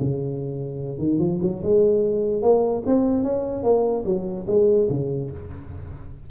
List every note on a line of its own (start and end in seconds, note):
0.00 0.99 C#3
0.99 1.19 D#3
1.19 1.39 F3
1.42 1.62 F#3
1.63 2.42 G#3
2.42 2.83 A#3
2.86 3.23 C4
3.23 3.63 C#4
3.63 4.04 A#3
4.05 4.46 F#3
4.47 4.88 G#3
4.90 5.30 C#3